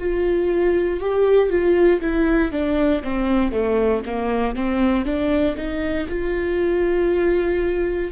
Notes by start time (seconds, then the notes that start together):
0.00 F4
1.00 G4
1.50 F4
2.02 E4
2.52 D4
3.04 C4
3.52 A3
4.06 A#3
4.56 C4
5.05 D4
5.57 D#4
6.09 F4